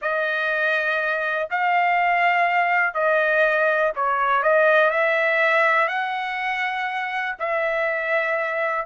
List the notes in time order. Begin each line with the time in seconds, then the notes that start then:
0.01 D#5
1.50 F5
2.94 D#5
3.95 C#5
4.43 D#5
4.90 E5
5.87 F#5
7.39 E5